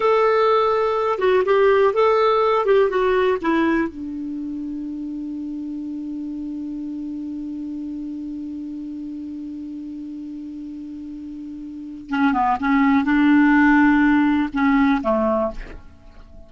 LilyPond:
\new Staff \with { instrumentName = "clarinet" } { \time 4/4 \tempo 4 = 124 a'2~ a'8 fis'8 g'4 | a'4. g'8 fis'4 e'4 | d'1~ | d'1~ |
d'1~ | d'1~ | d'4 cis'8 b8 cis'4 d'4~ | d'2 cis'4 a4 | }